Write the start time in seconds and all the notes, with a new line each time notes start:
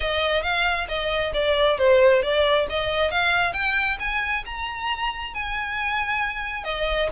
0.00 D#5
0.42 F5
0.88 D#5
1.33 D5
1.78 C5
2.22 D5
2.69 D#5
3.11 F5
3.53 G5
3.99 G#5
4.45 A#5
5.34 G#5
6.64 D#5